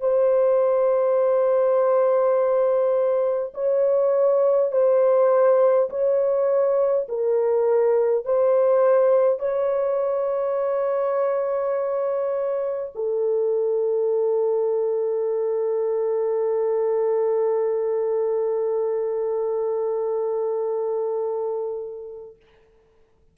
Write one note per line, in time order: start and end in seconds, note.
0.00 3.53 C5
3.54 4.72 C#5
4.72 5.89 C5
5.89 7.07 C#5
7.08 8.25 A#4
8.25 9.39 C5
9.39 12.92 C#5
12.95 22.36 A4